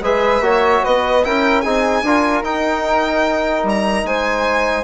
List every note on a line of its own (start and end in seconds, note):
0.00 0.40 G#3
0.00 0.42 G#4
0.00 0.43 B4
0.00 0.84 E5
0.40 0.80 A#3
0.40 1.22 F#4
0.40 0.84 C#5
0.84 1.25 B3
0.84 1.24 B4
0.84 1.24 D#5
1.23 1.65 C#4
1.23 1.64 E4
1.23 1.62 A#4
1.23 1.61 G5
1.61 2.02 C4
1.61 2.04 D#4
1.61 2.02 G#4
1.61 2.42 G#5
2.02 2.42 D4
2.02 2.44 F4
2.02 4.07 A#4
2.42 3.63 D#4
2.42 4.83 D#4
2.42 3.65 G5
3.63 4.03 G3
3.63 4.06 A#5
4.04 4.83 G#3
4.04 4.83 C5
4.04 4.83 G#5